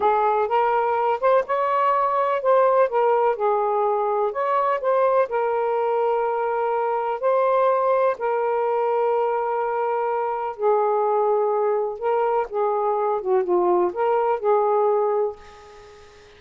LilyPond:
\new Staff \with { instrumentName = "saxophone" } { \time 4/4 \tempo 4 = 125 gis'4 ais'4. c''8 cis''4~ | cis''4 c''4 ais'4 gis'4~ | gis'4 cis''4 c''4 ais'4~ | ais'2. c''4~ |
c''4 ais'2.~ | ais'2 gis'2~ | gis'4 ais'4 gis'4. fis'8 | f'4 ais'4 gis'2 | }